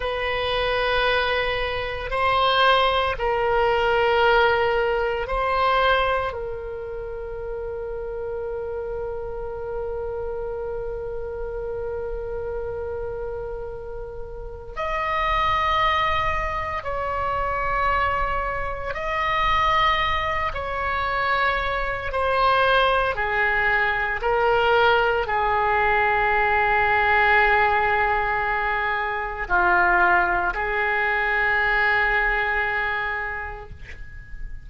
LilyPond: \new Staff \with { instrumentName = "oboe" } { \time 4/4 \tempo 4 = 57 b'2 c''4 ais'4~ | ais'4 c''4 ais'2~ | ais'1~ | ais'2 dis''2 |
cis''2 dis''4. cis''8~ | cis''4 c''4 gis'4 ais'4 | gis'1 | f'4 gis'2. | }